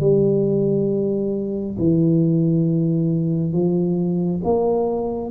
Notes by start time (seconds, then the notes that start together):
0.00 G3
1.78 E3
3.53 F3
4.44 A#3